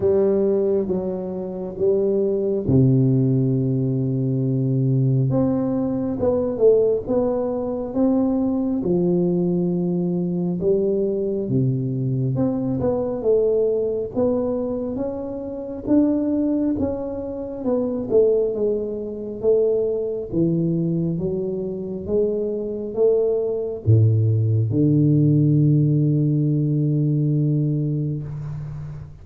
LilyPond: \new Staff \with { instrumentName = "tuba" } { \time 4/4 \tempo 4 = 68 g4 fis4 g4 c4~ | c2 c'4 b8 a8 | b4 c'4 f2 | g4 c4 c'8 b8 a4 |
b4 cis'4 d'4 cis'4 | b8 a8 gis4 a4 e4 | fis4 gis4 a4 a,4 | d1 | }